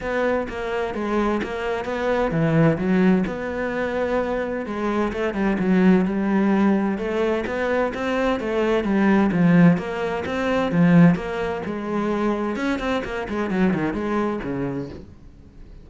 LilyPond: \new Staff \with { instrumentName = "cello" } { \time 4/4 \tempo 4 = 129 b4 ais4 gis4 ais4 | b4 e4 fis4 b4~ | b2 gis4 a8 g8 | fis4 g2 a4 |
b4 c'4 a4 g4 | f4 ais4 c'4 f4 | ais4 gis2 cis'8 c'8 | ais8 gis8 fis8 dis8 gis4 cis4 | }